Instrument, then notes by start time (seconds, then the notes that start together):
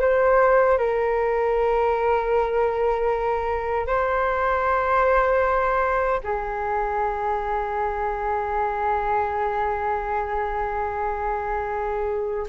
flute
0.00 C5
0.78 A#4
3.86 C5
6.23 G#4